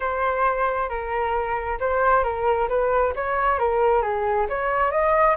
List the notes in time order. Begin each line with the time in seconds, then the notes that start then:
0.00 C5
0.89 A#4
1.80 C5
2.23 A#4
2.68 B4
3.15 C#5
3.58 A#4
4.02 G#4
4.49 C#5
4.91 D#5